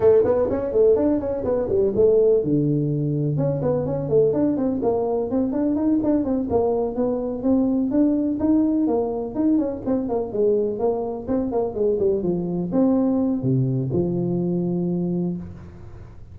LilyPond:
\new Staff \with { instrumentName = "tuba" } { \time 4/4 \tempo 4 = 125 a8 b8 cis'8 a8 d'8 cis'8 b8 g8 | a4 d2 cis'8 b8 | cis'8 a8 d'8 c'8 ais4 c'8 d'8 | dis'8 d'8 c'8 ais4 b4 c'8~ |
c'8 d'4 dis'4 ais4 dis'8 | cis'8 c'8 ais8 gis4 ais4 c'8 | ais8 gis8 g8 f4 c'4. | c4 f2. | }